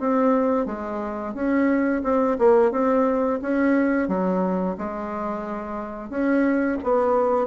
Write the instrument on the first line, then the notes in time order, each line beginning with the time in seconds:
bassoon
0.00 C4
0.66 G#3
1.35 C#4
2.04 C4
2.39 A#3
2.72 C4
3.42 C#4
4.08 F#3
4.78 G#3
6.10 C#4
6.84 B3